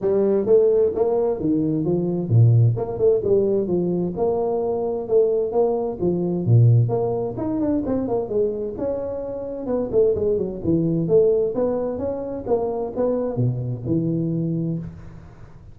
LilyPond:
\new Staff \with { instrumentName = "tuba" } { \time 4/4 \tempo 4 = 130 g4 a4 ais4 dis4 | f4 ais,4 ais8 a8 g4 | f4 ais2 a4 | ais4 f4 ais,4 ais4 |
dis'8 d'8 c'8 ais8 gis4 cis'4~ | cis'4 b8 a8 gis8 fis8 e4 | a4 b4 cis'4 ais4 | b4 b,4 e2 | }